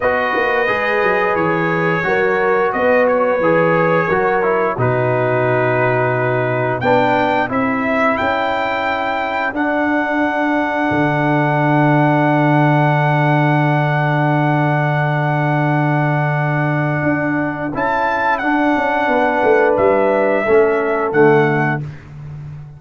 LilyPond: <<
  \new Staff \with { instrumentName = "trumpet" } { \time 4/4 \tempo 4 = 88 dis''2 cis''2 | dis''8 cis''2~ cis''8 b'4~ | b'2 g''4 e''4 | g''2 fis''2~ |
fis''1~ | fis''1~ | fis''2 a''4 fis''4~ | fis''4 e''2 fis''4 | }
  \new Staff \with { instrumentName = "horn" } { \time 4/4 b'2. ais'4 | b'2 ais'4 fis'4~ | fis'2 b'4 a'4~ | a'1~ |
a'1~ | a'1~ | a'1 | b'2 a'2 | }
  \new Staff \with { instrumentName = "trombone" } { \time 4/4 fis'4 gis'2 fis'4~ | fis'4 gis'4 fis'8 e'8 dis'4~ | dis'2 d'4 e'4~ | e'2 d'2~ |
d'1~ | d'1~ | d'2 e'4 d'4~ | d'2 cis'4 a4 | }
  \new Staff \with { instrumentName = "tuba" } { \time 4/4 b8 ais8 gis8 fis8 e4 fis4 | b4 e4 fis4 b,4~ | b,2 b4 c'4 | cis'2 d'2 |
d1~ | d1~ | d4 d'4 cis'4 d'8 cis'8 | b8 a8 g4 a4 d4 | }
>>